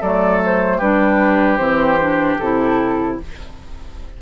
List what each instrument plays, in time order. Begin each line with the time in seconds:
0.00 bassoon F#3, clarinet A3, oboe A4, flute D5
0.45 flute C5
0.77 bassoon G3, clarinet D4, oboe G4, flute B4
1.57 bassoon E3, clarinet C4, flute C5
2.00 clarinet D4
2.38 bassoon C3, clarinet E4, flute A4